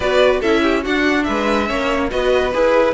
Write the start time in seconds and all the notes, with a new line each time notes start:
0.00 B3 F#4 B4 D5
0.40 C#4 E4 A4 E5
0.62 G4
0.82 D4 F#4 F#5
1.23 G#3 B4 E5
1.67 A#3 C#4 C#5
2.10 B3 F#4 B4 D#5
2.53 E4 G#4 B4